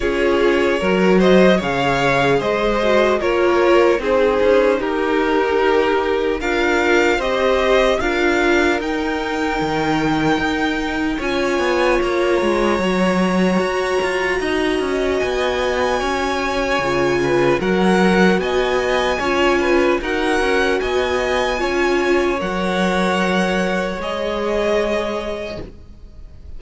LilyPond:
<<
  \new Staff \with { instrumentName = "violin" } { \time 4/4 \tempo 4 = 75 cis''4. dis''8 f''4 dis''4 | cis''4 c''4 ais'2 | f''4 dis''4 f''4 g''4~ | g''2 gis''4 ais''4~ |
ais''2. gis''4~ | gis''2 fis''4 gis''4~ | gis''4 fis''4 gis''2 | fis''2 dis''2 | }
  \new Staff \with { instrumentName = "violin" } { \time 4/4 gis'4 ais'8 c''8 cis''4 c''4 | ais'4 gis'4 g'2 | ais'4 c''4 ais'2~ | ais'2 cis''2~ |
cis''2 dis''2 | cis''4. b'8 ais'4 dis''4 | cis''8 b'8 ais'4 dis''4 cis''4~ | cis''1 | }
  \new Staff \with { instrumentName = "viola" } { \time 4/4 f'4 fis'4 gis'4. fis'8 | f'4 dis'2. | f'4 g'4 f'4 dis'4~ | dis'2 f'2 |
fis'1~ | fis'4 f'4 fis'2 | f'4 fis'2 f'4 | ais'2 gis'2 | }
  \new Staff \with { instrumentName = "cello" } { \time 4/4 cis'4 fis4 cis4 gis4 | ais4 c'8 cis'8 dis'2 | d'4 c'4 d'4 dis'4 | dis4 dis'4 cis'8 b8 ais8 gis8 |
fis4 fis'8 f'8 dis'8 cis'8 b4 | cis'4 cis4 fis4 b4 | cis'4 dis'8 cis'8 b4 cis'4 | fis2 gis2 | }
>>